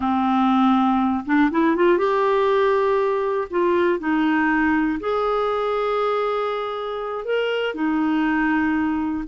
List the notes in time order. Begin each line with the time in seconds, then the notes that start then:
0.00 C4
1.25 D4
1.50 E4
1.75 F4
1.97 G4
3.50 F4
3.99 D#4
5.00 G#4
7.24 A#4
7.74 D#4